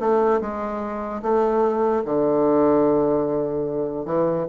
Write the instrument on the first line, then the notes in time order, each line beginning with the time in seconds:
bassoon
0.00 A3
0.41 G#3
1.22 A3
2.05 D3
4.06 E3